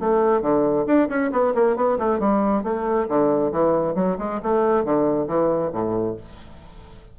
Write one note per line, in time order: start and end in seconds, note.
0.00 0.42 A3
0.42 0.86 D3
0.87 1.09 D4
1.09 1.31 C#4
1.32 1.54 B3
1.55 1.76 A#3
1.76 1.98 B3
1.99 2.20 A3
2.20 2.64 G3
2.64 3.08 A3
3.09 3.52 D3
3.52 3.95 E3
3.95 4.17 F#3
4.19 4.41 G#3
4.43 4.85 A3
4.85 5.28 D3
5.28 5.72 E3
5.73 6.17 A2